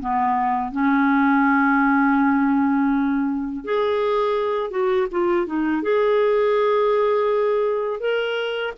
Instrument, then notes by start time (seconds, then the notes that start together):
clarinet
0.00 B3
0.72 C#4
3.65 G#4
4.70 F#4
5.11 F4
5.46 D#4
5.82 G#4
8.00 A#4